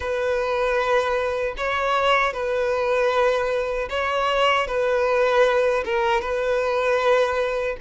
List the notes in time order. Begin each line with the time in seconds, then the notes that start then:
0.00 B4
1.57 C#5
2.33 B4
3.89 C#5
4.67 B4
5.84 A#4
6.21 B4